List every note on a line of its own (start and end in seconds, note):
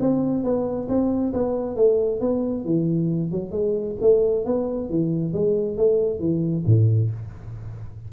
0.00 0.44 C4
0.44 0.88 B3
0.88 1.33 C4
1.33 1.76 B3
1.76 2.20 A3
2.20 2.65 B3
2.65 3.32 E3
3.32 3.52 F#3
3.52 3.96 G#3
4.01 4.45 A3
4.45 4.89 B3
4.89 5.33 E3
5.33 5.77 G#3
5.77 6.20 A3
6.20 6.64 E3
6.66 7.11 A2